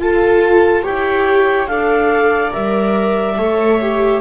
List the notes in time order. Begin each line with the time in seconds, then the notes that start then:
0.00 F4 A4 A5
0.83 E4 G4 C#5 G5
1.68 D4 A4 D5 F5
2.51 G3 A#4 E5
3.38 A3 A4 C#5
3.81 G4